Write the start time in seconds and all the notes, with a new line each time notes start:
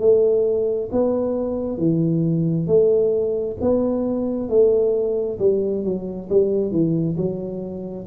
0.00 A3
0.92 B3
1.78 E3
2.67 A3
3.61 B3
4.49 A3
5.39 G3
5.84 F#3
6.29 G3
6.72 E3
7.17 F#3